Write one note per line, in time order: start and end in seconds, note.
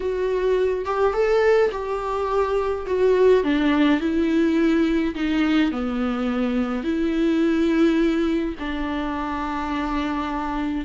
0.00 0.85 F#4
0.85 1.13 G4
1.13 1.70 A4
1.71 2.86 G4
2.86 3.43 F#4
3.43 4.00 D4
4.00 5.14 E4
5.14 5.71 D#4
5.71 6.83 B3
6.83 8.55 E4
8.59 10.85 D4